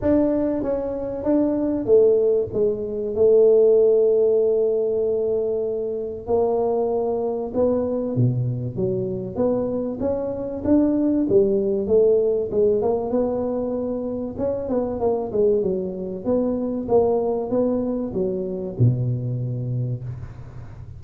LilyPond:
\new Staff \with { instrumentName = "tuba" } { \time 4/4 \tempo 4 = 96 d'4 cis'4 d'4 a4 | gis4 a2.~ | a2 ais2 | b4 b,4 fis4 b4 |
cis'4 d'4 g4 a4 | gis8 ais8 b2 cis'8 b8 | ais8 gis8 fis4 b4 ais4 | b4 fis4 b,2 | }